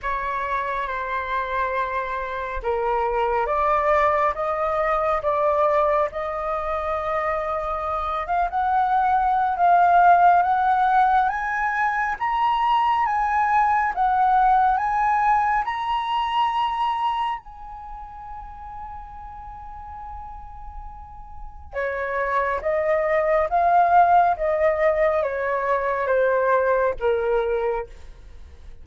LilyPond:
\new Staff \with { instrumentName = "flute" } { \time 4/4 \tempo 4 = 69 cis''4 c''2 ais'4 | d''4 dis''4 d''4 dis''4~ | dis''4. f''16 fis''4~ fis''16 f''4 | fis''4 gis''4 ais''4 gis''4 |
fis''4 gis''4 ais''2 | gis''1~ | gis''4 cis''4 dis''4 f''4 | dis''4 cis''4 c''4 ais'4 | }